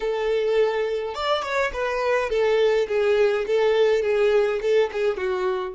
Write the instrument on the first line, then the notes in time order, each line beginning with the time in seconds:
violin
0.00 A4
1.14 D5
1.42 C#5
1.73 B4
2.29 A4
2.88 G#4
3.46 A4
4.02 G#4
4.61 A4
4.92 G#4
5.17 F#4